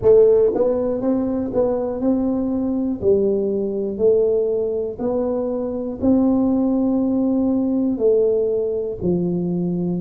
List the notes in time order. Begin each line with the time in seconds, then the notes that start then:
0.01 A3
0.54 B3
1.01 C4
1.53 B3
2.00 C4
3.00 G3
3.97 A3
4.99 B3
6.00 C4
7.98 A3
9.02 F3